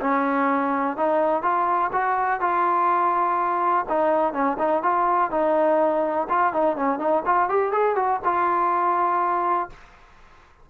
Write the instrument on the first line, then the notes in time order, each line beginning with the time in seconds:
trombone
0.00 C#4
0.97 D#4
1.42 F4
1.92 F#4
2.40 F4
3.88 D#4
4.33 C#4
4.58 D#4
4.83 F4
5.30 D#4
6.29 F4
6.53 D#4
6.76 C#4
6.98 D#4
7.25 F4
7.49 G4
7.72 G#4
7.95 F#4
8.24 F4